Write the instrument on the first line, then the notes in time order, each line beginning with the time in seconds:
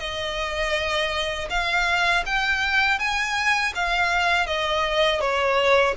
violin
0.00 D#5
1.50 F5
2.26 G5
2.99 G#5
3.75 F5
4.47 D#5
5.21 C#5